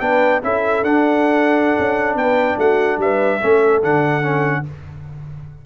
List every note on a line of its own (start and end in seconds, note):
0.00 0.42 B3
0.00 0.42 D4
0.00 0.43 B4
0.00 0.41 G5
0.43 0.83 C#4
0.43 0.84 E4
0.43 2.19 A4
0.43 0.84 E5
0.83 1.75 D4
0.83 3.41 D4
0.83 2.17 F#5
1.79 2.15 C#4
2.15 2.56 B3
2.15 2.58 B4
2.15 2.59 G5
2.57 2.98 A3
2.57 2.99 F#4
2.57 3.00 F#5
2.98 3.39 G3
2.98 3.41 B4
2.98 3.83 E5
3.41 3.83 A3
3.41 3.82 C#4
3.41 4.64 A4
3.83 4.66 D3
3.83 4.22 D4
3.83 4.66 F#5
4.22 4.63 C#4